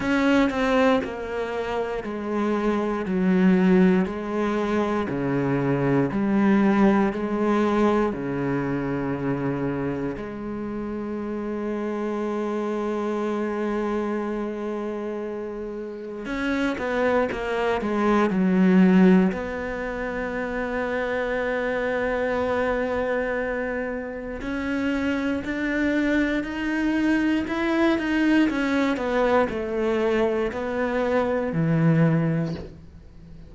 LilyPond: \new Staff \with { instrumentName = "cello" } { \time 4/4 \tempo 4 = 59 cis'8 c'8 ais4 gis4 fis4 | gis4 cis4 g4 gis4 | cis2 gis2~ | gis1 |
cis'8 b8 ais8 gis8 fis4 b4~ | b1 | cis'4 d'4 dis'4 e'8 dis'8 | cis'8 b8 a4 b4 e4 | }